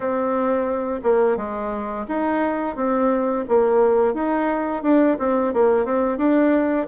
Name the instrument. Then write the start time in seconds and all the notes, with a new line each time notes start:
bassoon
0.00 C4
1.03 A#3
1.36 G#3
2.08 D#4
2.76 C4
3.48 A#3
4.14 D#4
4.82 D4
5.18 C4
5.53 A#3
5.85 C4
6.17 D4